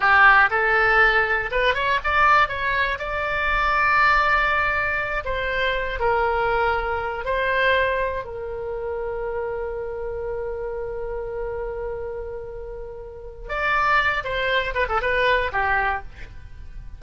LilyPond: \new Staff \with { instrumentName = "oboe" } { \time 4/4 \tempo 4 = 120 g'4 a'2 b'8 cis''8 | d''4 cis''4 d''2~ | d''2~ d''8 c''4. | ais'2~ ais'8 c''4.~ |
c''8 ais'2.~ ais'8~ | ais'1~ | ais'2. d''4~ | d''8 c''4 b'16 a'16 b'4 g'4 | }